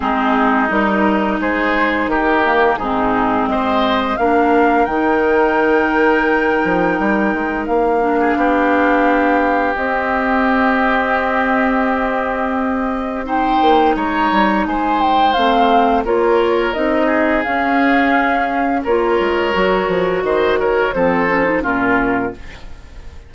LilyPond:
<<
  \new Staff \with { instrumentName = "flute" } { \time 4/4 \tempo 4 = 86 gis'4 ais'4 c''4 ais'4 | gis'4 dis''4 f''4 g''4~ | g''2. f''4~ | f''2 dis''2~ |
dis''2. g''4 | ais''4 gis''8 g''8 f''4 cis''4 | dis''4 f''2 cis''4~ | cis''4 dis''8 cis''8 c''4 ais'4 | }
  \new Staff \with { instrumentName = "oboe" } { \time 4/4 dis'2 gis'4 g'4 | dis'4 c''4 ais'2~ | ais'2.~ ais'8. gis'16 | g'1~ |
g'2. c''4 | cis''4 c''2 ais'4~ | ais'8 gis'2~ gis'8 ais'4~ | ais'4 c''8 ais'8 a'4 f'4 | }
  \new Staff \with { instrumentName = "clarinet" } { \time 4/4 c'4 dis'2~ dis'8 ais8 | c'2 d'4 dis'4~ | dis'2.~ dis'8 d'8~ | d'2 c'2~ |
c'2. dis'4~ | dis'2 c'4 f'4 | dis'4 cis'2 f'4 | fis'2 c'8 cis'16 dis'16 cis'4 | }
  \new Staff \with { instrumentName = "bassoon" } { \time 4/4 gis4 g4 gis4 dis4 | gis,4 gis4 ais4 dis4~ | dis4. f8 g8 gis8 ais4 | b2 c'2~ |
c'2.~ c'8 ais8 | gis8 g8 gis4 a4 ais4 | c'4 cis'2 ais8 gis8 | fis8 f8 dis4 f4 ais,4 | }
>>